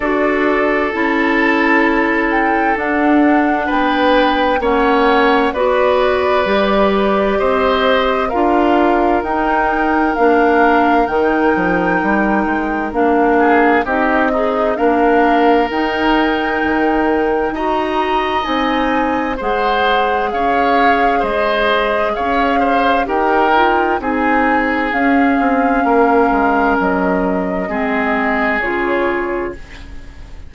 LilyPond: <<
  \new Staff \with { instrumentName = "flute" } { \time 4/4 \tempo 4 = 65 d''4 a''4. g''8 fis''4 | g''4 fis''4 d''2 | dis''4 f''4 g''4 f''4 | g''2 f''4 dis''4 |
f''4 g''2 ais''4 | gis''4 fis''4 f''4 dis''4 | f''4 g''4 gis''4 f''4~ | f''4 dis''2 cis''4 | }
  \new Staff \with { instrumentName = "oboe" } { \time 4/4 a'1 | b'4 cis''4 b'2 | c''4 ais'2.~ | ais'2~ ais'8 gis'8 g'8 dis'8 |
ais'2. dis''4~ | dis''4 c''4 cis''4 c''4 | cis''8 c''8 ais'4 gis'2 | ais'2 gis'2 | }
  \new Staff \with { instrumentName = "clarinet" } { \time 4/4 fis'4 e'2 d'4~ | d'4 cis'4 fis'4 g'4~ | g'4 f'4 dis'4 d'4 | dis'2 d'4 dis'8 gis'8 |
d'4 dis'2 fis'4 | dis'4 gis'2.~ | gis'4 g'8 f'8 dis'4 cis'4~ | cis'2 c'4 f'4 | }
  \new Staff \with { instrumentName = "bassoon" } { \time 4/4 d'4 cis'2 d'4 | b4 ais4 b4 g4 | c'4 d'4 dis'4 ais4 | dis8 f8 g8 gis8 ais4 c'4 |
ais4 dis'4 dis4 dis'4 | c'4 gis4 cis'4 gis4 | cis'4 dis'4 c'4 cis'8 c'8 | ais8 gis8 fis4 gis4 cis4 | }
>>